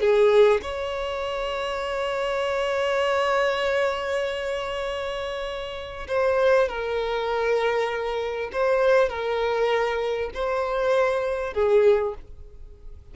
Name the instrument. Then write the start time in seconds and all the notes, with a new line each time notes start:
violin
0.00 G#4
0.62 C#5
6.07 C5
6.68 A#4
8.52 C5
9.09 A#4
10.34 C5
11.53 G#4